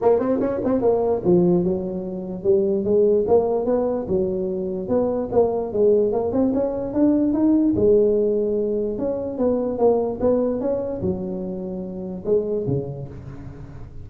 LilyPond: \new Staff \with { instrumentName = "tuba" } { \time 4/4 \tempo 4 = 147 ais8 c'8 cis'8 c'8 ais4 f4 | fis2 g4 gis4 | ais4 b4 fis2 | b4 ais4 gis4 ais8 c'8 |
cis'4 d'4 dis'4 gis4~ | gis2 cis'4 b4 | ais4 b4 cis'4 fis4~ | fis2 gis4 cis4 | }